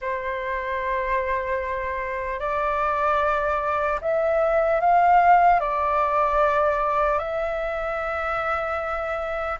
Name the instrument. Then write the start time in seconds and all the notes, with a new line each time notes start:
flute
0.01 C5
2.39 D5
4.01 E5
4.80 F5
5.60 D5
7.19 E5